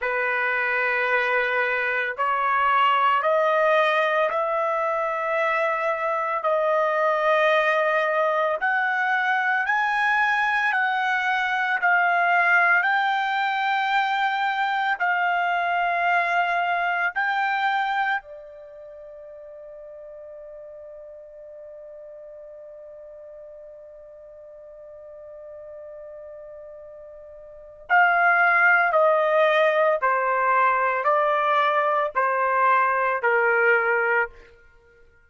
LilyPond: \new Staff \with { instrumentName = "trumpet" } { \time 4/4 \tempo 4 = 56 b'2 cis''4 dis''4 | e''2 dis''2 | fis''4 gis''4 fis''4 f''4 | g''2 f''2 |
g''4 d''2.~ | d''1~ | d''2 f''4 dis''4 | c''4 d''4 c''4 ais'4 | }